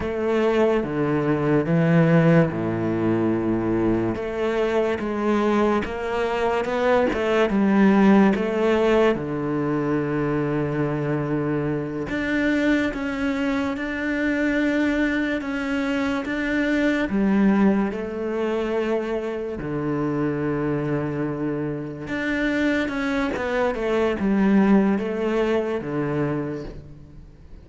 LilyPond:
\new Staff \with { instrumentName = "cello" } { \time 4/4 \tempo 4 = 72 a4 d4 e4 a,4~ | a,4 a4 gis4 ais4 | b8 a8 g4 a4 d4~ | d2~ d8 d'4 cis'8~ |
cis'8 d'2 cis'4 d'8~ | d'8 g4 a2 d8~ | d2~ d8 d'4 cis'8 | b8 a8 g4 a4 d4 | }